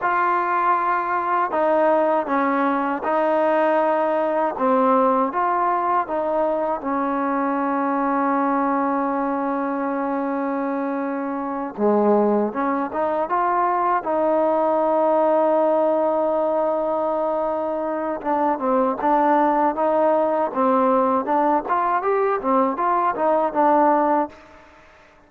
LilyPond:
\new Staff \with { instrumentName = "trombone" } { \time 4/4 \tempo 4 = 79 f'2 dis'4 cis'4 | dis'2 c'4 f'4 | dis'4 cis'2.~ | cis'2.~ cis'8 gis8~ |
gis8 cis'8 dis'8 f'4 dis'4.~ | dis'1 | d'8 c'8 d'4 dis'4 c'4 | d'8 f'8 g'8 c'8 f'8 dis'8 d'4 | }